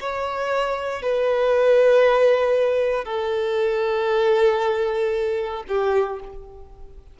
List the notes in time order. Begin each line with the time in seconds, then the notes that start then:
0.00 C#5
1.02 B4
3.05 A4
5.68 G4